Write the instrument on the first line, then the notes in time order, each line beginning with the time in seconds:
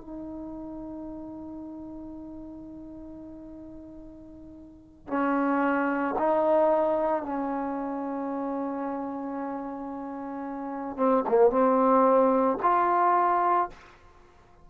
trombone
0.00 D#4
5.07 C#4
6.18 D#4
7.22 C#4
10.96 C4
11.28 A#3
11.50 C4
12.62 F4